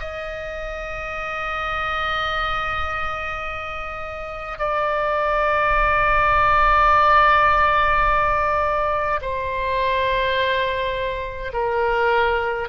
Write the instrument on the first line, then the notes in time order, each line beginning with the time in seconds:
oboe
0.00 D#5
4.59 D5
9.22 C5
11.54 A#4